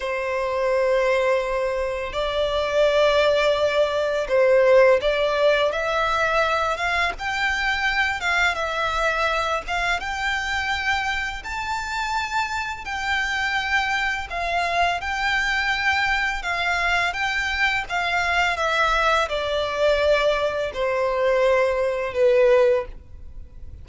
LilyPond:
\new Staff \with { instrumentName = "violin" } { \time 4/4 \tempo 4 = 84 c''2. d''4~ | d''2 c''4 d''4 | e''4. f''8 g''4. f''8 | e''4. f''8 g''2 |
a''2 g''2 | f''4 g''2 f''4 | g''4 f''4 e''4 d''4~ | d''4 c''2 b'4 | }